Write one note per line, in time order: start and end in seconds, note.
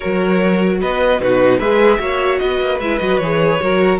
0.00 0.82 F#3
0.00 1.20 F#4
0.00 0.78 A#4
0.00 0.78 C#5
0.81 1.20 B3
0.81 1.21 B4
0.81 1.21 D#5
1.20 1.59 B2
1.20 1.61 D#4
1.20 1.58 F#4
1.20 1.59 B4
1.58 1.99 G#3
1.58 1.98 G#4
1.58 1.98 B4
1.58 2.38 E5
1.98 2.39 A#3
1.98 2.78 F#4
1.98 2.41 C#5
2.38 2.61 B3
2.38 3.62 B4
2.38 2.78 D#5
2.61 2.79 A#3
2.79 2.99 G#3
2.79 3.00 E4
2.79 2.98 E5
2.98 3.20 F#3
2.98 3.20 F#4
2.98 3.17 D#5
3.17 3.60 E3
3.17 3.60 G#4
3.17 3.97 C#5
3.60 3.99 F#3
3.60 3.99 F#4
3.60 3.99 A#4